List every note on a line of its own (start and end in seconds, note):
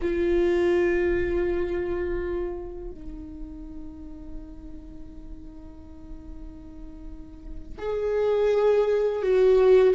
0.01 2.90 F4
2.90 7.78 D#4
7.78 9.22 G#4
9.22 9.94 F#4